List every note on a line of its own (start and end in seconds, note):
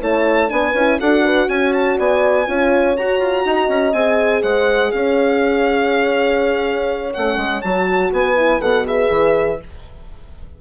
0.00 0.51 A3
0.00 0.49 E4
0.00 0.50 C#5
0.00 0.50 A5
0.49 0.74 B3
0.49 0.73 D4
0.49 1.00 B4
0.49 0.99 G#5
0.74 0.99 C#4
0.74 1.00 E4
1.00 1.49 D4
1.00 2.47 F#4
1.00 1.24 A4
1.00 1.49 F#5
1.24 1.48 B4
1.49 1.98 C#4
1.49 1.99 C#5
1.49 1.73 G#5
1.73 1.98 A5
1.99 2.48 B3
1.99 2.48 D5
1.99 2.97 G#5
2.47 2.97 C#4
2.47 2.96 F4
2.47 3.47 C#5
2.96 3.95 F#4
2.96 3.20 F#4
2.96 3.93 A#5
3.20 3.44 F4
3.46 3.69 D#4
3.46 4.43 D#5
3.69 3.94 C#4
3.93 4.43 C4
3.93 7.14 G#4
3.93 4.43 G#5
4.43 4.93 G#3
4.43 4.92 C5
4.43 4.92 F#5
4.92 7.15 C#4
4.92 8.12 C#5
4.92 7.13 F5
7.14 7.37 A3
7.14 7.64 C#4
7.14 7.62 F#5
7.37 7.61 G#3
7.62 8.12 F#3
7.62 8.36 F#4
7.62 8.11 A5
8.12 8.61 B3
8.12 9.60 B4
8.12 8.62 G#5
8.36 8.61 E4
8.61 9.10 B2
8.61 8.85 A4
8.61 8.86 F#5
8.85 9.59 G#4
8.85 9.62 E5
9.10 9.60 E3